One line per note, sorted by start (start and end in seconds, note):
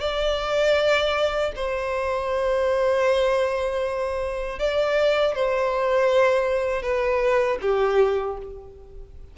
0.00 1.52 D5
1.55 4.59 C5
4.59 5.35 D5
5.35 6.82 C5
6.82 7.58 B4
7.61 8.37 G4